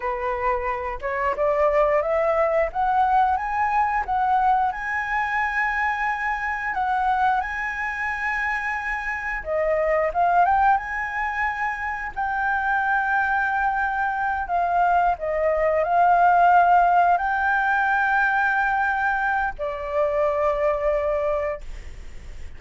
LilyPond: \new Staff \with { instrumentName = "flute" } { \time 4/4 \tempo 4 = 89 b'4. cis''8 d''4 e''4 | fis''4 gis''4 fis''4 gis''4~ | gis''2 fis''4 gis''4~ | gis''2 dis''4 f''8 g''8 |
gis''2 g''2~ | g''4. f''4 dis''4 f''8~ | f''4. g''2~ g''8~ | g''4 d''2. | }